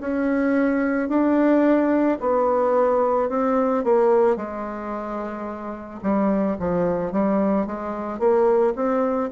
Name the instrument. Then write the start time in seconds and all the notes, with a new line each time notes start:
bassoon
0.00 C#4
1.09 D4
2.20 B3
3.29 C4
3.84 A#3
4.36 G#3
6.02 G3
6.59 F3
7.12 G3
7.66 G#3
8.19 A#3
8.75 C4